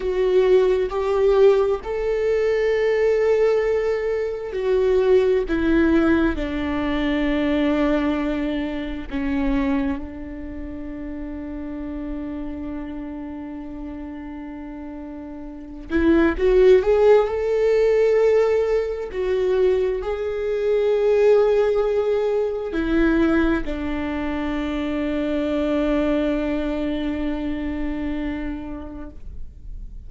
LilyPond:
\new Staff \with { instrumentName = "viola" } { \time 4/4 \tempo 4 = 66 fis'4 g'4 a'2~ | a'4 fis'4 e'4 d'4~ | d'2 cis'4 d'4~ | d'1~ |
d'4. e'8 fis'8 gis'8 a'4~ | a'4 fis'4 gis'2~ | gis'4 e'4 d'2~ | d'1 | }